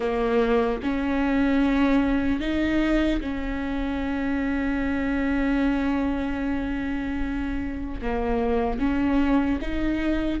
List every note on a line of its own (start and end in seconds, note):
0.00 0.80 A#3
0.83 2.40 C#4
2.40 3.20 D#4
3.20 8.00 C#4
8.01 8.79 A#3
8.79 9.59 C#4
9.61 10.40 D#4